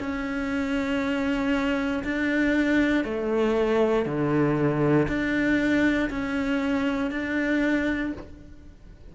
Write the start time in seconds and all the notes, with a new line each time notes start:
0.00 C#4
2.05 D4
3.05 A3
4.06 D3
5.08 D4
6.10 C#4
7.11 D4